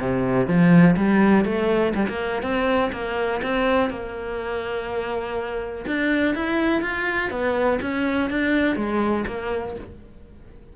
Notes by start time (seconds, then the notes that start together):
0.00 C3
0.47 F3
0.96 G3
1.45 A3
1.94 G3
2.08 A#3
2.42 C4
2.92 A#3
3.42 C4
3.90 A#3
5.86 D4
6.34 E4
6.81 F4
7.30 B3
7.81 C#4
8.29 D4
8.76 G#3
9.26 A#3